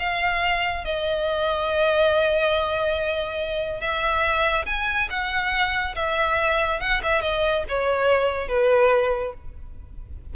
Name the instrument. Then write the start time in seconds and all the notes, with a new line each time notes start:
violin
0.00 F5
0.85 D#5
3.81 E5
4.66 G#5
5.10 F#5
5.96 E5
6.81 F#5
7.03 E5
7.22 D#5
7.69 C#5
8.49 B4